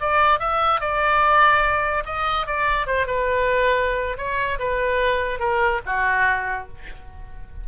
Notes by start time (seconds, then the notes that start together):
0.00 D5
0.40 E5
0.81 D5
2.05 D#5
2.47 D5
2.87 C5
3.07 B4
4.17 C#5
4.59 B4
5.39 A#4
5.86 F#4